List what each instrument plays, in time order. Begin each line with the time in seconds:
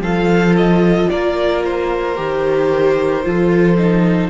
0.00 cello F3, viola F4, violin A4 F5
0.57 violin D#5
1.10 cello A#3, violin A#4 D5
1.64 violin C5
2.16 cello D#3, viola G4
3.23 cello F3, viola F4, violin A4
3.78 viola D#4